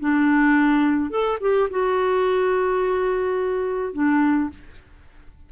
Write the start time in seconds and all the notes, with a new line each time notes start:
0.00 D4
1.10 A4
1.41 G4
1.71 F#4
3.93 D4